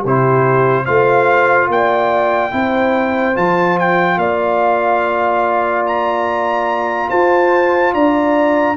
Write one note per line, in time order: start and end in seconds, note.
0.00 0.87 C3
0.00 0.83 G4
0.00 0.85 C5
0.07 0.86 E4
0.85 1.68 A3
0.85 2.51 F4
0.85 1.68 C5
0.85 1.68 F5
1.68 2.51 A#3
1.68 2.52 D5
1.68 3.36 G5
2.51 3.36 C4
2.51 3.34 E4
2.51 4.19 C5
3.34 4.16 F3
3.34 8.76 F4
3.34 3.78 A5
3.79 4.18 G5
4.16 7.08 A#3
4.16 7.09 D5
4.16 5.85 F5
5.86 7.10 A#5
7.09 7.94 F4
7.09 7.93 C5
7.09 7.93 A5
7.93 8.76 D4
7.93 8.76 D5
7.93 8.76 A#5